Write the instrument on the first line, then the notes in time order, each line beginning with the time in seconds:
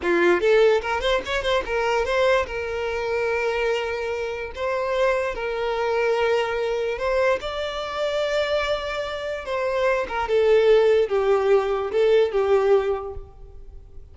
violin
0.02 F4
0.40 A4
0.81 A#4
1.01 C5
1.25 C#5
1.42 C5
1.65 A#4
2.05 C5
2.46 A#4
4.55 C5
5.35 A#4
6.98 C5
7.40 D5
9.45 C5
10.08 A#4
10.28 A4
11.08 G4
11.91 A4
12.31 G4